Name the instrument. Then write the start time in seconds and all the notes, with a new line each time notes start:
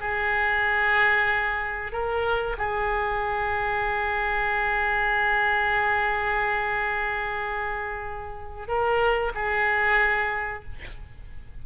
oboe
0.00 G#4
1.92 A#4
2.57 G#4
8.67 A#4
9.34 G#4